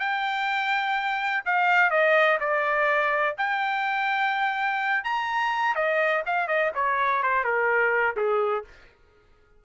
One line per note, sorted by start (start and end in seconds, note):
0.00 1.44 G5
1.46 1.90 F5
1.90 2.38 D#5
2.40 3.36 D5
3.38 5.04 G5
5.04 5.75 A#5
5.75 6.23 D#5
6.26 6.48 F5
6.48 6.72 D#5
6.75 7.23 C#5
7.23 7.44 C5
7.44 8.16 A#4
8.17 8.65 G#4